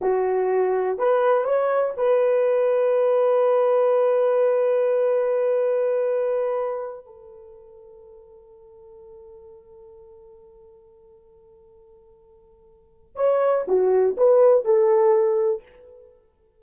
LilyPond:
\new Staff \with { instrumentName = "horn" } { \time 4/4 \tempo 4 = 123 fis'2 b'4 cis''4 | b'1~ | b'1~ | b'2~ b'8 a'4.~ |
a'1~ | a'1~ | a'2. cis''4 | fis'4 b'4 a'2 | }